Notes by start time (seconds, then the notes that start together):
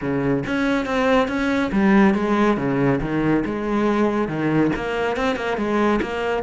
0.01 C#3
0.46 C#4
0.85 C4
1.28 C#4
1.72 G3
2.14 G#3
2.57 C#3
3.01 D#3
3.45 G#3
4.28 D#3
4.75 A#3
5.16 C4
5.36 A#3
5.57 G#3
6.01 A#3